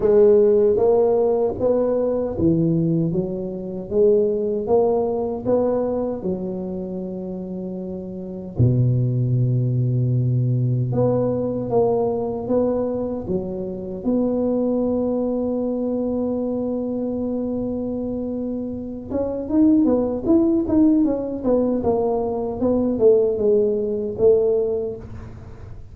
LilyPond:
\new Staff \with { instrumentName = "tuba" } { \time 4/4 \tempo 4 = 77 gis4 ais4 b4 e4 | fis4 gis4 ais4 b4 | fis2. b,4~ | b,2 b4 ais4 |
b4 fis4 b2~ | b1~ | b8 cis'8 dis'8 b8 e'8 dis'8 cis'8 b8 | ais4 b8 a8 gis4 a4 | }